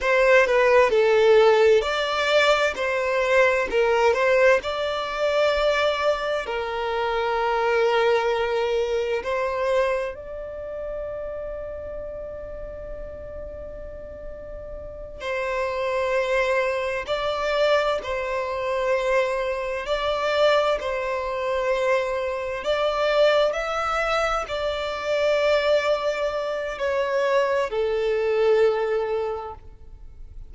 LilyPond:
\new Staff \with { instrumentName = "violin" } { \time 4/4 \tempo 4 = 65 c''8 b'8 a'4 d''4 c''4 | ais'8 c''8 d''2 ais'4~ | ais'2 c''4 d''4~ | d''1~ |
d''8 c''2 d''4 c''8~ | c''4. d''4 c''4.~ | c''8 d''4 e''4 d''4.~ | d''4 cis''4 a'2 | }